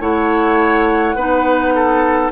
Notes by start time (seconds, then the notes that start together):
0.00 A3 E4 C#5 F#5
1.15 B3 D#4 B4
1.75 A4